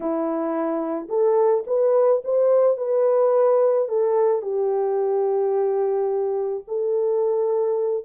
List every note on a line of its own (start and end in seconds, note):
0.00 1.08 E4
1.08 1.64 A4
1.66 2.22 B4
2.24 2.77 C5
2.77 3.88 B4
3.88 4.41 A4
4.41 6.64 G4
6.67 8.04 A4